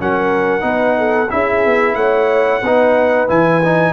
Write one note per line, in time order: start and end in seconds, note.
0.00 0.63 F#3
0.00 0.61 C#4
0.00 0.65 A#4
0.00 1.31 F#5
0.61 1.29 B3
0.61 1.27 D#4
0.61 0.98 B4
0.98 1.31 A4
1.29 1.66 C#4
1.29 2.61 E4
1.29 1.97 G#4
1.29 1.95 E5
1.66 1.96 B3
1.95 2.62 A3
1.95 2.61 C#5
1.95 3.27 F#5
2.61 3.28 B3
2.61 3.28 D#4
2.61 3.93 B4
3.28 3.93 E3
3.28 3.61 E4
3.28 3.93 G#5
3.65 3.93 D#4